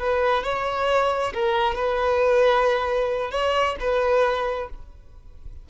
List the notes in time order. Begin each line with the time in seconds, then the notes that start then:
0.00 B4
0.44 C#5
1.34 A#4
1.75 B4
3.31 C#5
3.80 B4